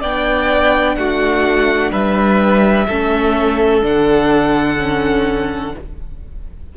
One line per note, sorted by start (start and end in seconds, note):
0.00 0.96 B3
0.00 2.88 D4
0.00 0.95 D5
0.00 0.95 G5
0.95 1.91 A3
0.95 1.91 F#4
0.95 1.90 F#5
1.91 2.87 G3
1.91 2.87 B4
1.91 3.83 E5
2.87 3.83 A3
2.87 3.82 C#4
2.87 5.73 A4
3.82 5.74 D3
3.82 4.77 D4
3.82 5.76 F#5
4.78 5.74 C#4